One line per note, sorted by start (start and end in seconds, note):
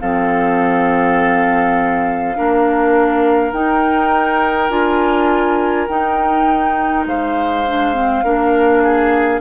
0.00 2.37 F3
0.00 2.35 C4
0.00 2.37 A4
0.00 3.52 F5
2.35 3.52 A#3
2.35 3.53 D4
2.35 7.08 A#4
3.52 4.69 D#4
3.52 4.70 D#4
3.52 4.70 G5
4.69 5.87 D4
4.69 5.87 F4
4.69 5.87 G#5
5.88 7.06 D#4
5.88 7.65 D#4
5.88 7.05 G5
7.06 8.23 G#3
7.06 8.24 C5
7.06 9.41 F5
7.67 7.94 D4
7.94 8.23 C4
8.23 9.41 A#3
8.23 9.41 D4
8.23 8.83 A#4
8.84 9.41 G#4